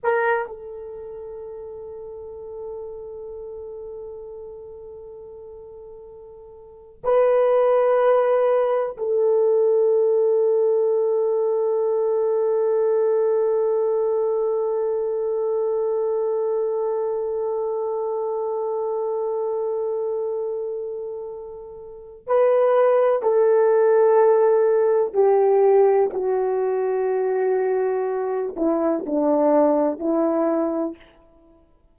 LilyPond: \new Staff \with { instrumentName = "horn" } { \time 4/4 \tempo 4 = 62 ais'8 a'2.~ a'8~ | a'2.~ a'16 b'8.~ | b'4~ b'16 a'2~ a'8.~ | a'1~ |
a'1~ | a'2. b'4 | a'2 g'4 fis'4~ | fis'4. e'8 d'4 e'4 | }